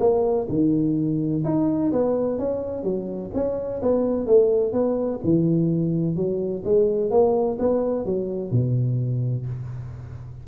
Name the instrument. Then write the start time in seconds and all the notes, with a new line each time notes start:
tuba
0.00 A#3
0.49 D#3
1.45 D#4
1.92 B3
2.39 C#4
2.83 F#3
3.34 C#4
3.82 B3
4.27 A3
4.72 B3
5.24 E3
6.16 F#3
6.65 G#3
7.11 A#3
7.59 B3
8.05 F#3
8.51 B2